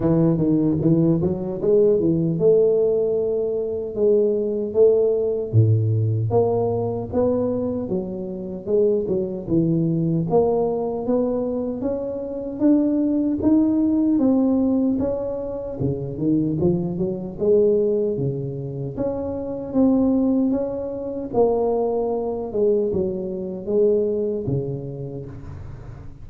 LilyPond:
\new Staff \with { instrumentName = "tuba" } { \time 4/4 \tempo 4 = 76 e8 dis8 e8 fis8 gis8 e8 a4~ | a4 gis4 a4 a,4 | ais4 b4 fis4 gis8 fis8 | e4 ais4 b4 cis'4 |
d'4 dis'4 c'4 cis'4 | cis8 dis8 f8 fis8 gis4 cis4 | cis'4 c'4 cis'4 ais4~ | ais8 gis8 fis4 gis4 cis4 | }